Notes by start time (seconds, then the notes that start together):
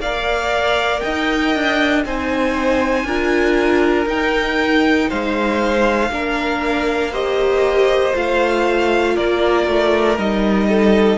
0.00 A#3 A#4 D5 F5
1.00 D#4 D#5 G5
1.55 D4
2.06 C4 D#4 C5 G#5
3.04 D4 F4 A#4
4.06 D#4 G5
5.09 G#3 C5 F5
6.10 A#3 D4 A#4
7.11 G4 C5 D#5
8.14 A3 F4 F5
9.15 A#3 A#4 D5
9.67 A3
10.18 G3 D#4 D#5
10.69 A4